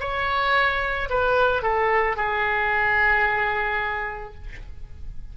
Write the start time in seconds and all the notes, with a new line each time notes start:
0.00 C#5
1.10 B4
1.63 A4
2.16 G#4